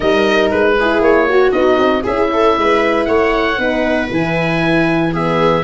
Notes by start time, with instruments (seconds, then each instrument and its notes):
0.00 tuba G3, horn D#4, viola A#4, oboe D#5
0.50 tuba G#3, oboe B4
0.79 horn E4, viola G#4
1.00 tuba A#3, oboe C#5
1.28 viola F#4, horn F#4
1.51 tuba B3, horn D#4, oboe D#5
1.78 tuba C4
2.03 tuba C#4, horn E4, viola G#4, oboe E5
2.33 viola A4
2.57 tuba G#3, viola B4
3.04 tuba A3, viola C#5, oboe F#5
3.58 tuba B3, horn D#4, viola B4
4.10 tuba E3, horn E4, oboe G#5
5.11 horn B3, viola G#4, oboe E5